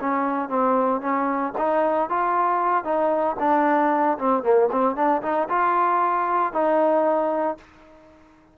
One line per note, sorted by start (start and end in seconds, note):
0.00 0.48 C#4
0.48 1.01 C4
1.01 1.52 C#4
1.57 2.09 D#4
2.09 2.84 F4
2.84 3.36 D#4
3.39 4.17 D4
4.18 4.42 C4
4.42 4.68 A#3
4.71 4.95 C4
4.95 5.22 D4
5.22 5.48 D#4
5.49 6.52 F4
6.52 7.57 D#4